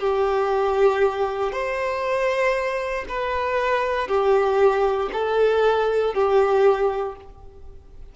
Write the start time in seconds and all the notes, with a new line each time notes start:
0.00 G4
1.52 C5
3.09 B4
4.08 G4
5.13 A4
6.14 G4